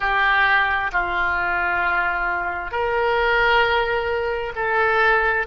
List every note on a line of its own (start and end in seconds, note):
0.00 0.91 G4
0.92 2.71 F4
2.71 4.52 A#4
4.55 5.46 A4